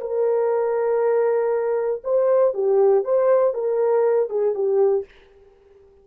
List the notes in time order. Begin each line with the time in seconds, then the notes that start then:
0.00 A#4
2.03 C5
2.53 G4
3.04 C5
3.53 A#4
4.29 G#4
4.54 G4